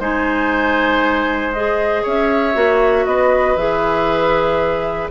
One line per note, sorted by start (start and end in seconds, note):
0.00 2.03 G#3
0.00 1.54 D#4
0.00 2.03 C5
0.00 1.53 G#5
1.53 2.55 G#4
1.53 2.04 D#5
2.03 2.56 C#4
2.03 3.05 C#5
2.03 3.06 E5
2.55 3.06 A#3
2.55 3.56 F#4
3.06 3.56 B3
3.06 5.12 B4
3.06 3.56 D#5
3.56 5.09 E3
3.56 5.10 G#4
3.56 5.09 E5